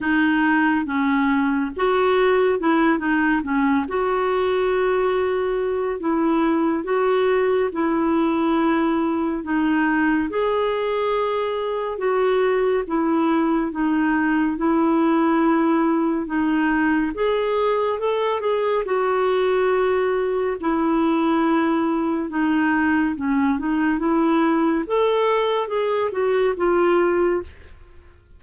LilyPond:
\new Staff \with { instrumentName = "clarinet" } { \time 4/4 \tempo 4 = 70 dis'4 cis'4 fis'4 e'8 dis'8 | cis'8 fis'2~ fis'8 e'4 | fis'4 e'2 dis'4 | gis'2 fis'4 e'4 |
dis'4 e'2 dis'4 | gis'4 a'8 gis'8 fis'2 | e'2 dis'4 cis'8 dis'8 | e'4 a'4 gis'8 fis'8 f'4 | }